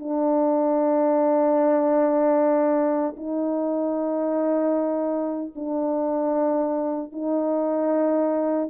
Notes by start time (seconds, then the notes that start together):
0.00 D4
3.17 D#4
5.56 D4
7.13 D#4